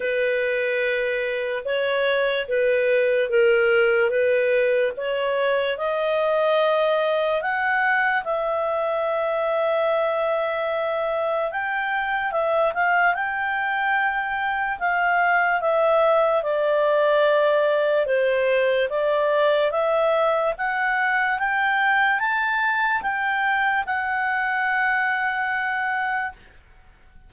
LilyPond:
\new Staff \with { instrumentName = "clarinet" } { \time 4/4 \tempo 4 = 73 b'2 cis''4 b'4 | ais'4 b'4 cis''4 dis''4~ | dis''4 fis''4 e''2~ | e''2 g''4 e''8 f''8 |
g''2 f''4 e''4 | d''2 c''4 d''4 | e''4 fis''4 g''4 a''4 | g''4 fis''2. | }